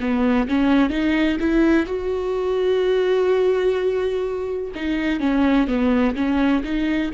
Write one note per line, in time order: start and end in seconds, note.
0.00 0.48 B3
0.48 0.90 C#4
0.90 1.37 D#4
1.40 1.86 E4
1.86 4.72 F#4
4.75 5.19 D#4
5.19 5.67 C#4
5.67 6.15 B3
6.15 6.63 C#4
6.64 7.11 D#4